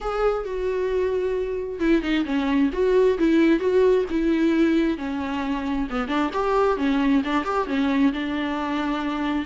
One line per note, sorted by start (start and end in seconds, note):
0.00 0.44 G#4
0.44 1.79 F#4
1.79 2.02 E4
2.02 2.24 D#4
2.25 2.70 C#4
2.73 3.18 F#4
3.18 3.59 E4
3.59 4.05 F#4
4.09 4.97 E4
4.97 5.88 C#4
5.90 6.08 B3
6.08 6.30 D4
6.33 6.77 G4
6.77 7.22 C#4
7.24 7.44 D4
7.44 7.67 G4
7.67 8.12 C#4
8.13 9.45 D4